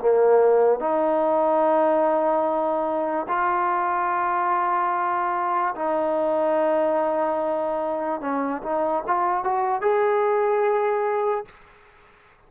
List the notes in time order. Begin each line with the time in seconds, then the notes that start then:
0.00 A#3
0.80 D#4
3.28 F4
5.75 D#4
8.21 C#4
8.63 D#4
9.07 F4
9.44 F#4
9.81 G#4